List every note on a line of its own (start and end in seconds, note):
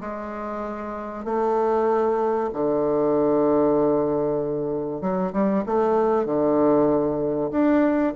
0.00 1.25 G#3
1.25 2.50 A3
2.53 5.01 D3
5.01 5.32 F#3
5.32 5.64 G3
5.66 6.26 A3
6.26 7.51 D3
7.51 8.14 D4